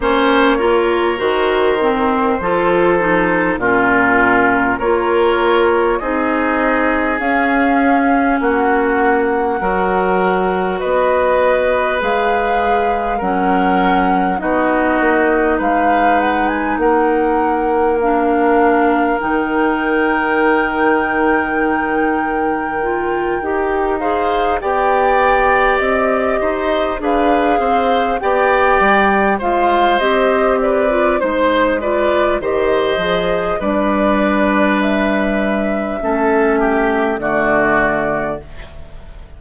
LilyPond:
<<
  \new Staff \with { instrumentName = "flute" } { \time 4/4 \tempo 4 = 50 cis''4 c''2 ais'4 | cis''4 dis''4 f''4 fis''4~ | fis''4 dis''4 f''4 fis''4 | dis''4 f''8 fis''16 gis''16 fis''4 f''4 |
g''1 | f''8 g''4 dis''4 f''4 g''8~ | g''8 f''8 dis''8 d''8 c''8 d''8 dis''4 | d''4 e''2 d''4 | }
  \new Staff \with { instrumentName = "oboe" } { \time 4/4 c''8 ais'4. a'4 f'4 | ais'4 gis'2 fis'4 | ais'4 b'2 ais'4 | fis'4 b'4 ais'2~ |
ais'1 | c''8 d''4. c''8 b'8 c''8 d''8~ | d''8 c''4 b'8 c''8 b'8 c''4 | b'2 a'8 g'8 fis'4 | }
  \new Staff \with { instrumentName = "clarinet" } { \time 4/4 cis'8 f'8 fis'8 c'8 f'8 dis'8 cis'4 | f'4 dis'4 cis'2 | fis'2 gis'4 cis'4 | dis'2. d'4 |
dis'2. f'8 g'8 | gis'8 g'2 gis'4 g'8~ | g'8 f'8 g'8. f'16 dis'8 f'8 g'8 gis'8 | d'2 cis'4 a4 | }
  \new Staff \with { instrumentName = "bassoon" } { \time 4/4 ais4 dis4 f4 ais,4 | ais4 c'4 cis'4 ais4 | fis4 b4 gis4 fis4 | b8 ais8 gis4 ais2 |
dis2.~ dis8 dis'8~ | dis'8 b4 c'8 dis'8 d'8 c'8 b8 | g8 gis8 c'4 gis4 dis8 f8 | g2 a4 d4 | }
>>